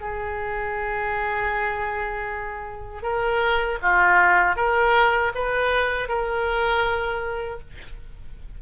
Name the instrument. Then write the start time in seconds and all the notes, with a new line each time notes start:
oboe
0.00 G#4
3.02 A#4
3.82 F4
4.56 A#4
5.34 B4
6.08 A#4